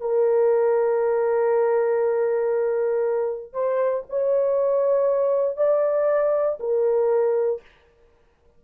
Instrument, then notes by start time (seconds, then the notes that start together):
horn
0.00 A#4
3.53 C5
4.09 C#5
5.57 D5
6.60 A#4